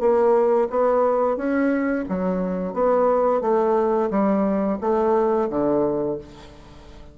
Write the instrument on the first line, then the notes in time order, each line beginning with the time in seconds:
bassoon
0.00 A#3
0.70 B3
1.37 C#4
2.09 F#3
2.74 B3
3.42 A3
4.11 G3
4.81 A3
5.50 D3